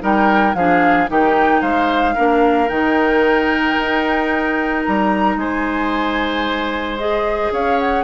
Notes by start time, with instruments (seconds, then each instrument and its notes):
0.00 bassoon G3, clarinet D#4, oboe A#4, flute G5
0.55 bassoon F3, clarinet D4, oboe G#4, flute F5
1.08 bassoon D#3, clarinet D#4, oboe G4, flute G5
1.61 bassoon G#3, oboe C5, flute F5
2.15 bassoon A#3, clarinet D4, oboe A#4
2.68 bassoon D#3, clarinet D#4, flute G5
3.78 bassoon D#4
4.86 bassoon G3, flute A#5
5.37 bassoon G#3, oboe C5, flute G#5
6.98 clarinet G#4, flute D#5
7.52 bassoon C#4, oboe C#5, flute F5
7.80 flute F#5